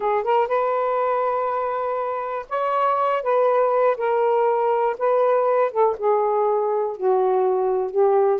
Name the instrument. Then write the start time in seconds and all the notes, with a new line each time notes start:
saxophone
0.00 G#4
0.23 A#4
0.47 B4
2.49 C#5
3.22 B4
3.97 A#4
4.98 B4
5.71 A4
5.97 G#4
6.96 F#4
7.90 G4